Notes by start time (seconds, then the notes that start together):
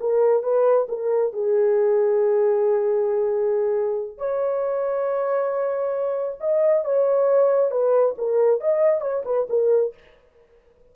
0.00 A#4
0.43 B4
0.88 A#4
1.33 G#4
4.17 C#5
6.40 D#5
6.84 C#5
7.71 B4
8.17 A#4
8.60 D#5
9.01 C#5
9.25 B4
9.49 A#4